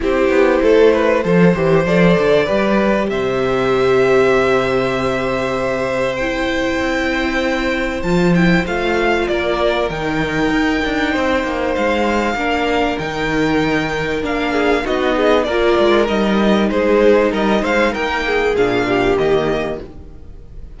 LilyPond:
<<
  \new Staff \with { instrumentName = "violin" } { \time 4/4 \tempo 4 = 97 c''2. d''4~ | d''4 e''2.~ | e''2 g''2~ | g''4 a''8 g''8 f''4 d''4 |
g''2. f''4~ | f''4 g''2 f''4 | dis''4 d''4 dis''4 c''4 | dis''8 f''8 g''4 f''4 dis''4 | }
  \new Staff \with { instrumentName = "violin" } { \time 4/4 g'4 a'8 b'8 c''2 | b'4 c''2.~ | c''1~ | c''2. ais'4~ |
ais'2 c''2 | ais'2.~ ais'8 gis'8 | fis'8 gis'8 ais'2 gis'4 | ais'8 c''8 ais'8 gis'4 g'4. | }
  \new Staff \with { instrumentName = "viola" } { \time 4/4 e'2 a'8 g'8 a'4 | g'1~ | g'2 e'2~ | e'4 f'8 e'8 f'2 |
dis'1 | d'4 dis'2 d'4 | dis'4 f'4 dis'2~ | dis'2 d'4 ais4 | }
  \new Staff \with { instrumentName = "cello" } { \time 4/4 c'8 b8 a4 f8 e8 f8 d8 | g4 c2.~ | c2. c'4~ | c'4 f4 a4 ais4 |
dis4 dis'8 d'8 c'8 ais8 gis4 | ais4 dis2 ais4 | b4 ais8 gis8 g4 gis4 | g8 gis8 ais4 ais,4 dis4 | }
>>